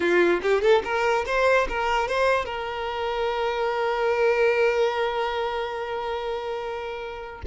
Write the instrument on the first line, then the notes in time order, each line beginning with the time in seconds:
violin
0.00 F4
0.42 G4
0.61 A4
0.84 A#4
1.26 C5
1.68 A#4
2.08 C5
2.45 A#4